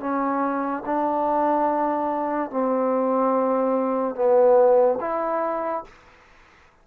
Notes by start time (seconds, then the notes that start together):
0.00 C#4
0.86 D4
2.51 C4
4.15 B3
5.01 E4